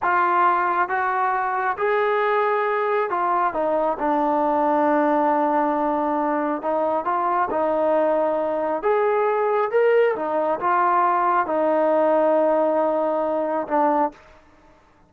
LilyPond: \new Staff \with { instrumentName = "trombone" } { \time 4/4 \tempo 4 = 136 f'2 fis'2 | gis'2. f'4 | dis'4 d'2.~ | d'2. dis'4 |
f'4 dis'2. | gis'2 ais'4 dis'4 | f'2 dis'2~ | dis'2. d'4 | }